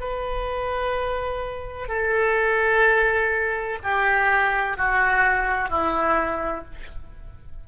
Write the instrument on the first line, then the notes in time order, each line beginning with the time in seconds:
oboe
0.00 B4
1.87 A4
3.83 G4
4.77 F#4
5.69 E4